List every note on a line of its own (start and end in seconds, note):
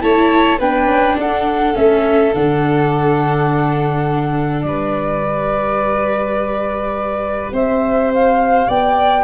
0.00 0.59 A3
0.00 0.58 E4
0.00 0.59 C#5
0.00 0.58 A5
0.59 0.86 B3
0.59 1.74 D4
0.59 1.16 B4
0.59 1.18 G5
0.86 1.15 C#4
1.17 1.75 D4
1.17 4.66 A4
1.17 1.76 F#5
1.74 2.33 A3
1.74 2.31 C#4
1.74 2.33 E5
2.34 4.63 D3
2.34 5.23 D4
2.34 4.62 F#5
4.62 7.52 G3
4.62 7.53 B4
4.62 7.50 D5
5.23 9.23 G4
7.52 8.67 C4
7.52 8.67 C5
7.52 8.12 E5
8.13 8.69 F5
8.67 9.23 B3
8.67 9.23 D5
8.67 9.23 G5